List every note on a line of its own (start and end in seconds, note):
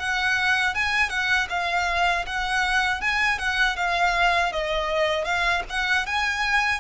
0.00 0.75 F#5
0.75 1.10 G#5
1.10 1.48 F#5
1.50 2.26 F5
2.27 3.02 F#5
3.02 3.39 G#5
3.39 3.77 F#5
3.77 4.53 F5
4.53 5.25 D#5
5.25 5.63 F5
5.70 6.07 F#5
6.07 6.81 G#5